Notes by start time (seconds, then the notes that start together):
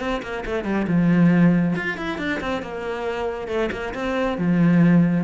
0.00 C4
0.22 A#3
0.45 A3
0.64 G3
0.88 F3
1.76 F4
1.97 E4
2.18 D4
2.40 C4
2.62 A#3
3.48 A3
3.72 A#3
3.94 C4
4.38 F3